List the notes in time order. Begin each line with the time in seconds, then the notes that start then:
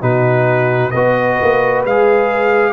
0.00 B2 D#4 F#4 B4
0.91 B3 F#4 B4 D#5
1.41 A#3
1.84 G#3 G#4 F5